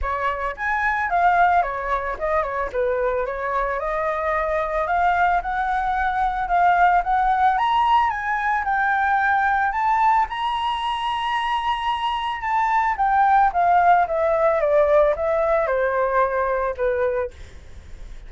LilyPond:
\new Staff \with { instrumentName = "flute" } { \time 4/4 \tempo 4 = 111 cis''4 gis''4 f''4 cis''4 | dis''8 cis''8 b'4 cis''4 dis''4~ | dis''4 f''4 fis''2 | f''4 fis''4 ais''4 gis''4 |
g''2 a''4 ais''4~ | ais''2. a''4 | g''4 f''4 e''4 d''4 | e''4 c''2 b'4 | }